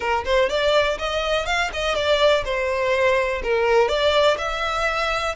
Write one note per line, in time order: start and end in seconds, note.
0.00 0.24 A#4
0.25 0.49 C5
0.49 0.98 D5
0.98 1.46 D#5
1.46 1.70 F5
1.73 1.95 D#5
1.95 2.44 D5
2.44 3.42 C5
3.43 3.88 A#4
3.88 4.37 D5
4.38 5.35 E5